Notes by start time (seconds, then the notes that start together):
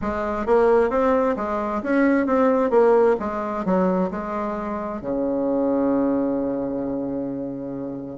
0.01 G#3
0.46 A#3
0.90 C4
1.36 G#3
1.83 C#4
2.26 C4
2.70 A#3
3.19 G#3
3.65 F#3
4.10 G#3
5.01 C#3